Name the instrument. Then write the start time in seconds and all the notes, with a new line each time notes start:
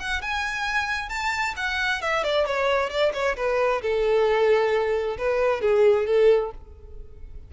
violin
0.00 F#5
0.22 G#5
1.10 A5
1.57 F#5
2.02 E5
2.24 D5
2.46 C#5
2.90 D5
3.14 C#5
3.37 B4
3.82 A4
5.18 B4
5.61 G#4
6.07 A4